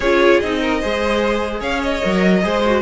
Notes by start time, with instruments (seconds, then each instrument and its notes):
0.00 cello C#4, viola F4, violin G#4 C#5
0.40 cello C4, viola D#4, violin D#5
0.60 violin A#4
0.80 cello G#3, viola G#4, violin C5
1.60 cello C#4, violin C#5 F5
1.83 violin D#5
2.02 cello F#3, viola A#4
2.42 cello G#3, viola G#4, violin C5
2.66 viola F#4